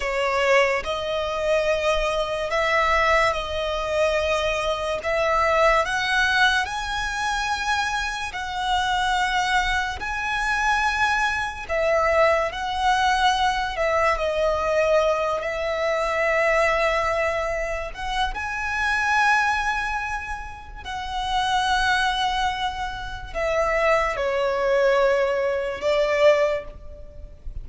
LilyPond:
\new Staff \with { instrumentName = "violin" } { \time 4/4 \tempo 4 = 72 cis''4 dis''2 e''4 | dis''2 e''4 fis''4 | gis''2 fis''2 | gis''2 e''4 fis''4~ |
fis''8 e''8 dis''4. e''4.~ | e''4. fis''8 gis''2~ | gis''4 fis''2. | e''4 cis''2 d''4 | }